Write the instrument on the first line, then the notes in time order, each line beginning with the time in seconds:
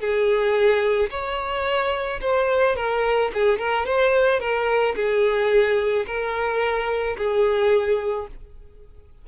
violin
0.00 G#4
1.11 C#5
2.21 C5
2.76 A#4
3.34 G#4
3.59 A#4
3.86 C5
4.40 A#4
4.96 G#4
6.07 A#4
7.18 G#4